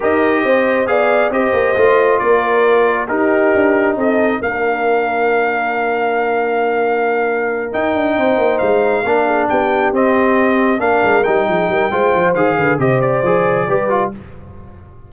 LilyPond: <<
  \new Staff \with { instrumentName = "trumpet" } { \time 4/4 \tempo 4 = 136 dis''2 f''4 dis''4~ | dis''4 d''2 ais'4~ | ais'4 dis''4 f''2~ | f''1~ |
f''4. g''2 f''8~ | f''4. g''4 dis''4.~ | dis''8 f''4 g''2~ g''8 | f''4 dis''8 d''2~ d''8 | }
  \new Staff \with { instrumentName = "horn" } { \time 4/4 ais'4 c''4 d''4 c''4~ | c''4 ais'2 g'4~ | g'4 a'4 ais'2~ | ais'1~ |
ais'2~ ais'8 c''4.~ | c''8 ais'8 gis'8 g'2~ g'8~ | g'8 ais'4. gis'8 ais'8 c''4~ | c''8 b'8 c''2 b'4 | }
  \new Staff \with { instrumentName = "trombone" } { \time 4/4 g'2 gis'4 g'4 | f'2. dis'4~ | dis'2 d'2~ | d'1~ |
d'4. dis'2~ dis'8~ | dis'8 d'2 c'4.~ | c'8 d'4 dis'4. f'4 | gis'4 g'4 gis'4 g'8 f'8 | }
  \new Staff \with { instrumentName = "tuba" } { \time 4/4 dis'4 c'4 b4 c'8 ais8 | a4 ais2 dis'4 | d'4 c'4 ais2~ | ais1~ |
ais4. dis'8 d'8 c'8 ais8 gis8~ | gis8 ais4 b4 c'4.~ | c'8 ais8 gis8 g8 f8 g8 gis8 f8 | dis8 d8 c4 f4 g4 | }
>>